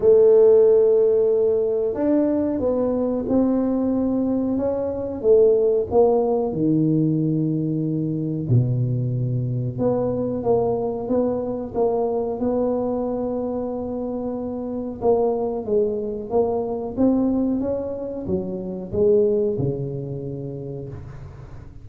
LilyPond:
\new Staff \with { instrumentName = "tuba" } { \time 4/4 \tempo 4 = 92 a2. d'4 | b4 c'2 cis'4 | a4 ais4 dis2~ | dis4 b,2 b4 |
ais4 b4 ais4 b4~ | b2. ais4 | gis4 ais4 c'4 cis'4 | fis4 gis4 cis2 | }